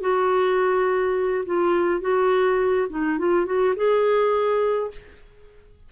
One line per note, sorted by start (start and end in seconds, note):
0.00 1.44 F#4
1.46 2.01 F4
2.01 2.87 F#4
2.90 3.18 D#4
3.18 3.45 F4
3.45 3.74 F#4
3.76 4.91 G#4